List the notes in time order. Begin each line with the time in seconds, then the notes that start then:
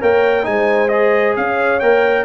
0.00 A#3 A#4 C#5 G5
0.43 G#3 D#4 C5 G#5
0.88 G#4 D#5
1.36 C#4 C#5 F5
1.79 A#3 A#4 G5